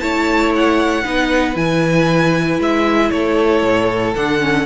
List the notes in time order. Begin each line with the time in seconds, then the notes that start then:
0.00 A3 E4 C#5 A5
0.56 F#5
1.04 B3 D#4 B4
1.55 E3 E4 G#5
2.59 G#3 E5
3.11 A3 A4 C#5
3.63 A2
4.16 D3 D4 F#5
4.41 C#4